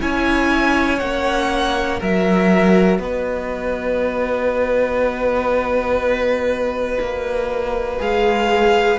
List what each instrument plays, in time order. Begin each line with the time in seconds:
0.00 cello C#4, viola E4, violin C#5 G#5
0.99 cello A#3, viola C#4, violin F#5
1.99 cello F#3, viola F#4, violin A#4 E5
2.99 cello B3, violin B4 D#5
7.00 cello A#3
7.99 cello G#3, viola G#4, violin F5